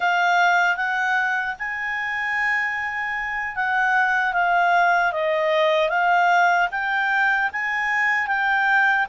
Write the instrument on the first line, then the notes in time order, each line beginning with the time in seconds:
clarinet
0.00 F5
0.76 F#5
1.58 G#5
3.55 F#5
4.33 F5
5.12 D#5
5.89 F5
6.71 G5
7.52 G#5
8.27 G5